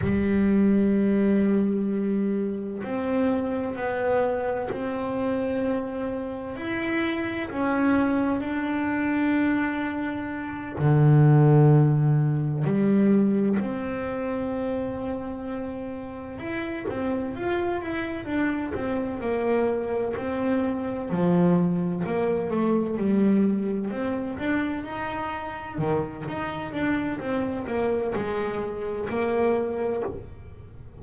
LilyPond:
\new Staff \with { instrumentName = "double bass" } { \time 4/4 \tempo 4 = 64 g2. c'4 | b4 c'2 e'4 | cis'4 d'2~ d'8 d8~ | d4. g4 c'4.~ |
c'4. e'8 c'8 f'8 e'8 d'8 | c'8 ais4 c'4 f4 ais8 | a8 g4 c'8 d'8 dis'4 dis8 | dis'8 d'8 c'8 ais8 gis4 ais4 | }